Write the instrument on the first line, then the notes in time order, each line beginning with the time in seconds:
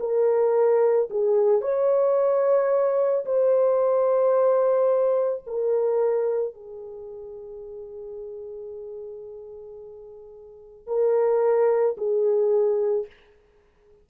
horn
0.00 A#4
1.11 G#4
1.62 C#5
3.26 C5
5.47 A#4
6.54 G#4
10.87 A#4
11.98 G#4